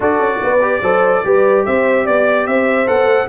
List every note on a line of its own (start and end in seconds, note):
0.00 0.18 D4
0.00 0.59 F#4
0.00 0.41 A4
0.00 1.65 D5
0.18 0.39 C#4
0.43 0.81 B3
0.43 0.82 B4
0.61 0.82 G4
0.81 1.22 F#3
0.81 1.24 A4
0.81 1.23 C5
1.24 1.66 G3
1.24 2.86 G4
1.24 1.65 B4
1.65 2.07 C4
1.65 2.04 C5
1.65 2.06 E5
2.04 2.46 B3
2.04 2.45 D5
2.04 2.46 D5
2.46 2.87 C4
2.46 3.28 C5
2.46 2.87 E5
2.86 3.05 B3
2.86 3.27 A4
2.86 3.28 F#5
3.05 3.26 A3